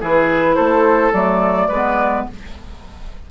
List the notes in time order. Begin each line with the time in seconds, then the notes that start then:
0.00 E3 E4 G#4 B4
0.55 A3 A4 C5
1.12 F#3 A3 D5
1.68 G#3 B3 B4